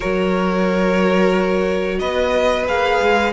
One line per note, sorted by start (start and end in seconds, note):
0.00 2.00 F#3
0.00 2.64 F#4
0.00 1.98 A#4
0.00 1.99 C#5
1.99 2.67 B3
1.99 3.32 B4
1.99 2.65 D#5
2.66 3.01 A#3
2.66 3.32 G#4
2.66 3.32 F5
3.01 3.32 G#3